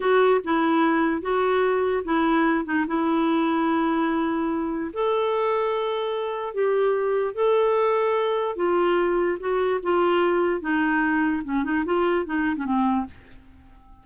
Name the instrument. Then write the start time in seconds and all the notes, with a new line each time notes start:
clarinet
0.00 F#4
0.44 E4
1.21 F#4
2.04 E4
2.65 D#4
2.87 E4
4.93 A4
6.53 G4
7.34 A4
8.56 F4
9.39 F#4
9.82 F4
10.60 D#4
11.43 C#4
11.64 D#4
11.85 F4
12.25 D#4
12.56 C#4
12.65 C4